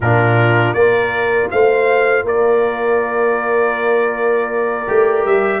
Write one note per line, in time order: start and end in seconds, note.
0.00 0.72 A#2
0.00 0.77 D4
0.00 0.76 F4
0.00 0.73 A#4
0.73 1.49 A#3
0.73 4.87 F4
0.73 1.51 A#4
0.73 1.48 D5
1.50 2.24 A3
1.50 2.25 C5
1.50 2.25 F5
2.24 4.86 A#3
2.24 5.60 A#4
2.24 5.25 D5
4.87 5.25 A3
4.87 5.60 G4
5.25 5.60 G3
5.25 5.60 E5